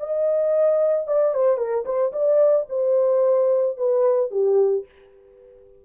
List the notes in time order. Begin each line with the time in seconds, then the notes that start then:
0.00 D#5
1.08 D5
1.35 C5
1.57 A#4
1.86 C5
2.13 D5
2.70 C5
3.77 B4
4.31 G4